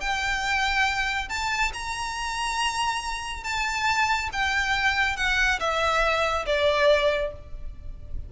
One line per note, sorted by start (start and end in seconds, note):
0.00 1.29 G5
1.29 1.72 A5
1.73 3.44 A#5
3.44 4.29 A5
4.33 5.17 G5
5.17 5.59 F#5
5.59 6.45 E5
6.46 7.32 D5